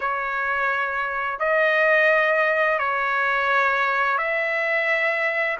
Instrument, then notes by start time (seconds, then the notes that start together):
trumpet
0.00 C#5
1.39 D#5
2.78 C#5
4.18 E5